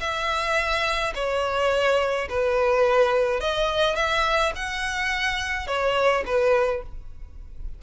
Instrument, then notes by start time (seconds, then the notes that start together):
violin
0.00 E5
1.15 C#5
2.29 B4
3.40 D#5
3.96 E5
4.55 F#5
5.67 C#5
6.26 B4